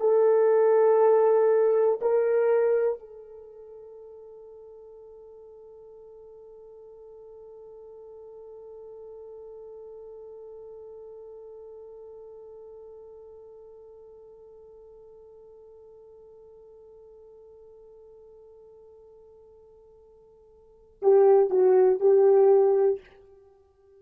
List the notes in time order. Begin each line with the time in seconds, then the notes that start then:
0.00 A4
2.01 A#4
2.99 A4
21.02 G4
21.50 F#4
22.00 G4